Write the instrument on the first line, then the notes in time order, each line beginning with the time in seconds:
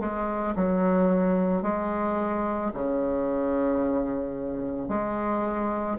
bassoon
0.00 G#3
0.56 F#3
1.63 G#3
2.74 C#3
4.89 G#3